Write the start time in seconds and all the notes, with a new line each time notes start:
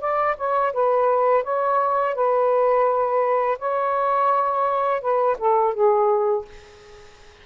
0.00 D5
0.37 C#5
0.73 B4
1.44 C#5
2.15 B4
3.58 C#5
5.01 B4
5.38 A4
5.74 G#4